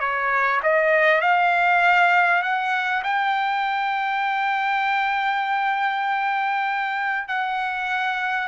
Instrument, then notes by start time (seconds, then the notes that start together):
trumpet
0.00 C#5
0.63 D#5
1.21 F5
2.42 F#5
3.04 G5
7.28 F#5